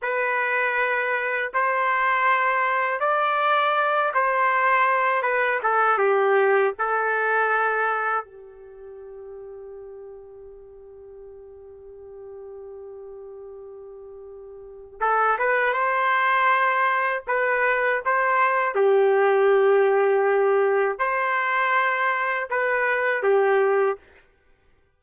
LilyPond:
\new Staff \with { instrumentName = "trumpet" } { \time 4/4 \tempo 4 = 80 b'2 c''2 | d''4. c''4. b'8 a'8 | g'4 a'2 g'4~ | g'1~ |
g'1 | a'8 b'8 c''2 b'4 | c''4 g'2. | c''2 b'4 g'4 | }